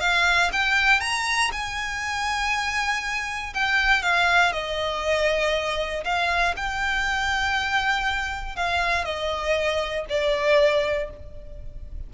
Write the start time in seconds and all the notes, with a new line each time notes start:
0.00 F5
0.52 G5
1.00 A#5
1.52 G#5
3.54 G5
4.02 F5
4.52 D#5
6.04 F5
6.56 G5
8.56 F5
9.05 D#5
10.09 D5